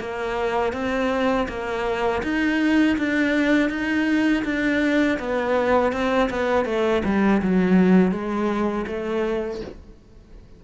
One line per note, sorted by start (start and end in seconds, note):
0.00 0.73 A#3
0.73 1.47 C4
1.48 2.22 A#3
2.23 2.97 D#4
2.98 3.70 D4
3.70 4.44 D#4
4.44 5.18 D4
5.19 5.92 B3
5.92 6.29 C4
6.30 6.65 B3
6.65 7.02 A3
7.05 7.42 G3
7.42 8.11 F#3
8.11 8.86 G#3
8.87 9.61 A3